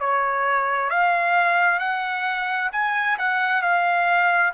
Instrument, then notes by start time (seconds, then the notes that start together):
trumpet
0.00 C#5
0.90 F5
1.79 F#5
2.72 G#5
3.19 F#5
3.62 F5